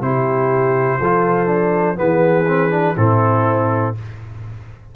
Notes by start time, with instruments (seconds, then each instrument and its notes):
0.00 tuba C3, trombone E4, horn G4, trumpet C5
0.99 tuba F3, trombone F4, horn A4
1.47 trombone D4
1.95 tuba E3, trombone B3, horn G#4, trumpet B4
2.47 trombone C4
2.70 trombone D4
2.96 tuba A2, trombone C4, horn E4, trumpet A4